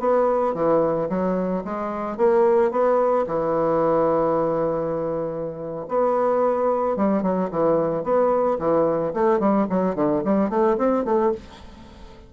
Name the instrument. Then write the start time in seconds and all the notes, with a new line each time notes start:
bassoon
0.00 B3
0.55 E3
1.10 F#3
1.65 G#3
2.18 A#3
2.71 B3
3.27 E3
5.89 B3
6.97 G3
7.23 F#3
7.51 E3
8.04 B3
8.59 E3
9.14 A3
9.40 G3
9.70 F#3
9.96 D3
10.25 G3
10.50 A3
10.78 C4
11.05 A3